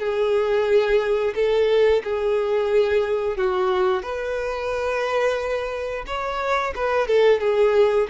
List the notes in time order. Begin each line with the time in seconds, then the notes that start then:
0.00 G#4
1.36 A4
2.04 G#4
3.37 F#4
4.03 B4
6.07 C#5
6.76 B4
7.08 A4
7.41 G#4